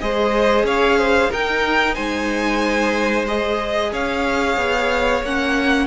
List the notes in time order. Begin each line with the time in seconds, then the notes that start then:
0.00 G#3 G#4 C5 D#5
0.64 C#4 C#5 F5
0.99 C5
1.31 D#4 A#4 G5
1.95 G#3 C5 G#5
3.28 G#4 D#5
3.92 C#4 C#5 F5
4.57 B3
5.23 A#3 C#4 F#5